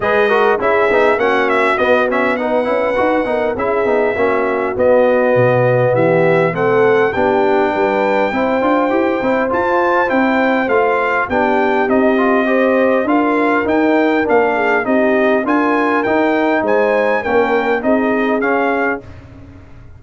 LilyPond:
<<
  \new Staff \with { instrumentName = "trumpet" } { \time 4/4 \tempo 4 = 101 dis''4 e''4 fis''8 e''8 dis''8 e''8 | fis''2 e''2 | dis''2 e''4 fis''4 | g''1 |
a''4 g''4 f''4 g''4 | dis''2 f''4 g''4 | f''4 dis''4 gis''4 g''4 | gis''4 g''4 dis''4 f''4 | }
  \new Staff \with { instrumentName = "horn" } { \time 4/4 b'8 ais'8 gis'4 fis'2 | b'4. ais'8 gis'4 fis'4~ | fis'2 g'4 a'4 | g'4 b'4 c''2~ |
c''2. g'4~ | g'4 c''4 ais'2~ | ais'8 gis'8 g'4 ais'2 | c''4 ais'4 gis'2 | }
  \new Staff \with { instrumentName = "trombone" } { \time 4/4 gis'8 fis'8 e'8 dis'8 cis'4 b8 cis'8 | dis'8 e'8 fis'8 dis'8 e'8 dis'8 cis'4 | b2. c'4 | d'2 e'8 f'8 g'8 e'8 |
f'4 e'4 f'4 d'4 | dis'8 f'8 g'4 f'4 dis'4 | d'4 dis'4 f'4 dis'4~ | dis'4 cis'4 dis'4 cis'4 | }
  \new Staff \with { instrumentName = "tuba" } { \time 4/4 gis4 cis'8 b8 ais4 b4~ | b8 cis'8 dis'8 b8 cis'8 b8 ais4 | b4 b,4 e4 a4 | b4 g4 c'8 d'8 e'8 c'8 |
f'4 c'4 a4 b4 | c'2 d'4 dis'4 | ais4 c'4 d'4 dis'4 | gis4 ais4 c'4 cis'4 | }
>>